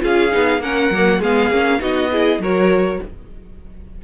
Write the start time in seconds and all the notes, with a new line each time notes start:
0.00 C#4 F4 G#4 F5
0.31 B3 D#4
0.59 A#3 C#4 A#4 F#5
0.91 F#3 A#3
1.20 G#3 B3 G#4 F5
1.50 A#3 C#4
1.79 B3 D#4 F#4 D#5
2.12 E4 G#4
2.39 F#3 F#4 A#4 C#5